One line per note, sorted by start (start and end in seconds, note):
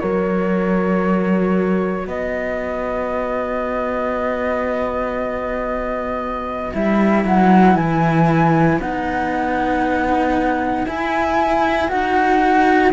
0.00 2.07 F#3
0.00 6.73 F#4
0.00 2.08 A#4
0.00 2.07 C#5
2.07 6.72 B3
2.07 12.93 B4
2.07 6.73 D#5
6.73 7.25 G3
6.73 8.80 E4
6.73 7.25 E5
7.25 7.75 F#3
7.25 7.76 F#5
7.75 8.78 E3
7.75 8.79 G#5
8.79 10.86 B3
8.79 10.87 D#4
8.79 10.87 F#5
10.87 11.88 E4
10.87 11.91 E4
10.87 11.89 G#5
11.88 12.93 D#4
11.88 12.92 F#4
11.88 12.92 F#5